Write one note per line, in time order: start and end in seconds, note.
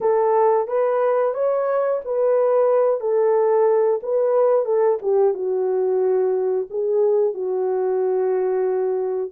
0.01 0.67 A4
0.67 1.34 B4
1.34 2.00 C#5
2.05 3.00 B4
3.00 4.00 A4
4.02 4.65 B4
4.65 4.98 A4
5.02 5.33 G4
5.33 6.67 F#4
6.69 7.34 G#4
7.34 9.31 F#4